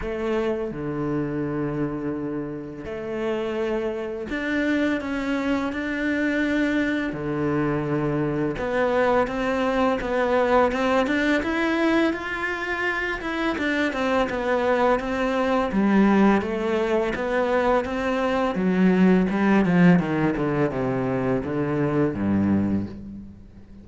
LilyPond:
\new Staff \with { instrumentName = "cello" } { \time 4/4 \tempo 4 = 84 a4 d2. | a2 d'4 cis'4 | d'2 d2 | b4 c'4 b4 c'8 d'8 |
e'4 f'4. e'8 d'8 c'8 | b4 c'4 g4 a4 | b4 c'4 fis4 g8 f8 | dis8 d8 c4 d4 g,4 | }